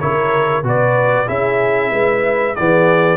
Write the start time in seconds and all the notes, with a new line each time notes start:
0.00 C#3 E4 A#4 C#5
0.64 B2 F#4 B4 D5
1.27 C#4 E4 G#4 E5
1.91 G#3 B4
2.56 E3 B3 G#4 D5